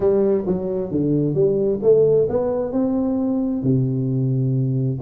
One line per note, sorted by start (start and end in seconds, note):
0.00 0.44 G3
0.46 0.91 F#3
0.91 1.34 D3
1.34 1.79 G3
1.82 2.27 A3
2.29 2.72 B3
2.72 3.62 C4
3.62 4.99 C3